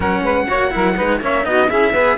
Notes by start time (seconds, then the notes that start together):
0.00 F#3 C#4 A#4 F#5
0.21 G#3 B4
0.48 A#3 F#4 C#5
0.70 F#3 E4 A#4
0.95 G#3 D#4 B4
1.21 A#3 C#4 C#5 E5
1.43 B3 D#4 F#4 D#5
1.69 C#4 E4 G#4 E5
1.92 B3 G#4 B4